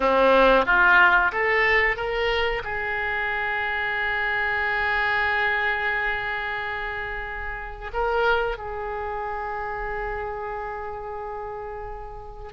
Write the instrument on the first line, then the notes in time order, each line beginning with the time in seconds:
oboe
0.00 C4
0.65 F4
1.32 A4
1.96 A#4
2.63 G#4
7.93 A#4
8.57 G#4